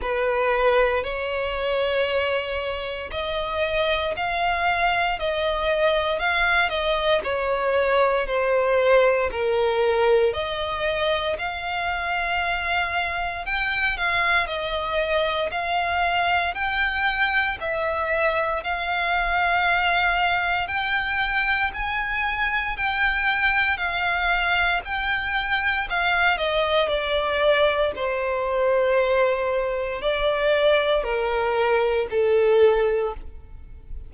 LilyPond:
\new Staff \with { instrumentName = "violin" } { \time 4/4 \tempo 4 = 58 b'4 cis''2 dis''4 | f''4 dis''4 f''8 dis''8 cis''4 | c''4 ais'4 dis''4 f''4~ | f''4 g''8 f''8 dis''4 f''4 |
g''4 e''4 f''2 | g''4 gis''4 g''4 f''4 | g''4 f''8 dis''8 d''4 c''4~ | c''4 d''4 ais'4 a'4 | }